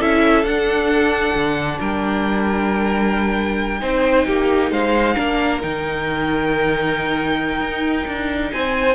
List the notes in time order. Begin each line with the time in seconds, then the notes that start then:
0.00 C#4 E4 A4 E5
0.44 D4 F#5
1.35 D3
1.80 G3 A#4 G5
3.81 C4 D#4 C5
4.27 A#3 G4
4.71 G#3 C5 F5
5.16 A#3 D4 A#4
5.61 D#3 D#4 G5
7.61 D#4
8.07 D4
8.52 C4 C5 G#5